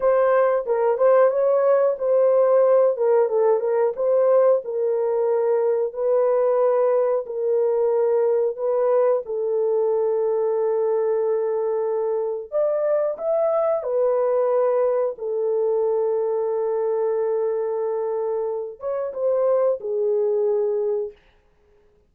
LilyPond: \new Staff \with { instrumentName = "horn" } { \time 4/4 \tempo 4 = 91 c''4 ais'8 c''8 cis''4 c''4~ | c''8 ais'8 a'8 ais'8 c''4 ais'4~ | ais'4 b'2 ais'4~ | ais'4 b'4 a'2~ |
a'2. d''4 | e''4 b'2 a'4~ | a'1~ | a'8 cis''8 c''4 gis'2 | }